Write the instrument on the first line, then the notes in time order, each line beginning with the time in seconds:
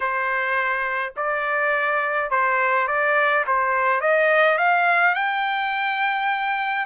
trumpet
0.00 C5
1.16 D5
2.30 C5
2.87 D5
3.46 C5
4.01 D#5
4.58 F5
5.14 G5